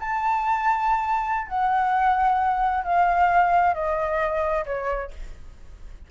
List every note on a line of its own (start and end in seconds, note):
0.00 1.48 A5
1.48 2.84 F#5
2.84 3.74 F5
3.74 4.65 D#5
4.65 5.11 C#5